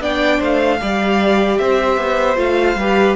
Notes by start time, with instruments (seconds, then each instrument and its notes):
0.00 cello B3, viola D4, violin D5 G5
0.38 cello A3, violin C5 F5
0.80 cello G3, viola G4, violin D5
1.58 cello C4, violin C5 E5
1.97 cello B3
2.36 cello A3, viola F4, violin F5
2.75 cello G3, viola G4, violin B4